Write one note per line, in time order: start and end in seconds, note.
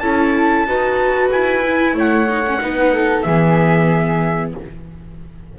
0.00 0.66 C#4
0.00 0.67 E4
0.00 0.67 A4
0.00 1.29 A5
0.67 1.31 D#4
0.67 1.63 F#4
0.67 1.96 B4
1.32 1.94 E4
1.32 1.96 G#5
1.63 2.28 E4
1.94 2.59 A3
1.94 2.61 C#5
1.94 3.22 F#5
2.28 2.45 D#4
2.47 2.60 C#4
2.60 3.26 B3
2.60 3.24 D#4
2.60 2.94 B4
2.94 3.25 A4
3.22 4.55 E3
3.22 4.54 G#4
3.22 4.51 E5
3.30 4.59 B3